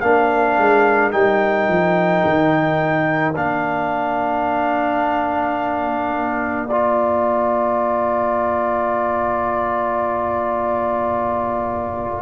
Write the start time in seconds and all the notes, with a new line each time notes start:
0.00 A#3 D4 A#4 F5
0.58 G#3
1.12 G3 D#4 G5
1.68 F3
2.25 D#3
3.36 A#3 D4 F5
6.67 F4 D5 A#5